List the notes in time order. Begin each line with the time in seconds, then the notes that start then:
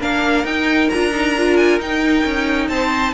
0.00 A#3 D4 A#4 F5
0.44 D#4 G5
0.90 D4 F4 A#5
1.12 D#4
1.38 F4
1.57 G#5
1.80 D#4 G5
2.25 C#4
2.69 C4 C5 A5